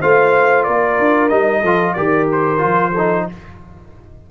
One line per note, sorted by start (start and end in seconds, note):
0.00 0.68 A3
0.00 1.30 F4
0.00 0.65 C5
0.00 0.63 F5
0.63 0.99 A#3
0.63 1.61 A#4
0.63 1.28 D5
0.99 1.31 D4
1.28 1.63 G3
1.28 1.62 D#4
1.28 1.93 D#5
1.61 1.96 F3
1.61 1.96 F4
1.61 1.94 A4
1.93 2.62 D#3
1.93 2.58 G4
1.93 2.92 A#4
1.93 2.26 D5
2.32 3.29 C5
2.58 3.29 F3
2.58 2.91 F4
2.92 3.30 D#4
2.92 3.25 A4